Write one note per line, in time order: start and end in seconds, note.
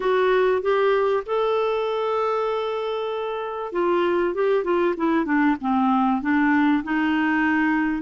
0.00 0.62 F#4
0.62 1.23 G4
1.26 3.72 A4
3.72 4.34 F4
4.34 4.64 G4
4.64 4.95 F4
4.97 5.25 E4
5.25 5.56 D4
5.61 6.21 C4
6.21 6.83 D4
6.83 8.02 D#4